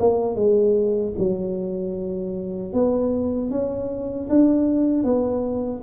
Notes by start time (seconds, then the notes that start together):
0.00 A#3
0.36 G#3
1.19 F#3
2.73 B3
3.51 C#4
4.30 D4
5.04 B3